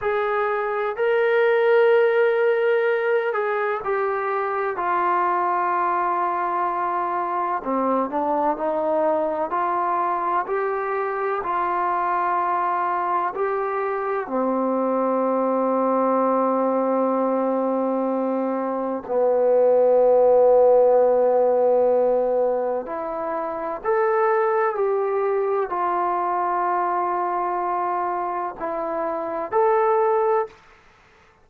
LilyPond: \new Staff \with { instrumentName = "trombone" } { \time 4/4 \tempo 4 = 63 gis'4 ais'2~ ais'8 gis'8 | g'4 f'2. | c'8 d'8 dis'4 f'4 g'4 | f'2 g'4 c'4~ |
c'1 | b1 | e'4 a'4 g'4 f'4~ | f'2 e'4 a'4 | }